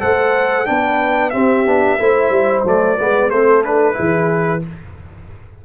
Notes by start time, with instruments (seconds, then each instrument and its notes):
0.00 tuba A3, trombone A4, horn C5, trumpet F#5
0.66 tuba B3, trombone D4, horn B4, trumpet G5
1.30 trombone C4, tuba C4, horn G4, trumpet E5
1.66 tuba B3, trombone D4
1.99 tuba A3, trombone E4, horn C5
2.30 tuba G3
2.64 tuba F#3, trombone A3, trumpet D5
2.97 tuba G#3, trombone B3, horn B4
3.30 tuba A3, trombone C4, horn A4, trumpet C5
3.64 trombone D4, trumpet B4
3.93 trombone E4, horn G#4
3.99 tuba E3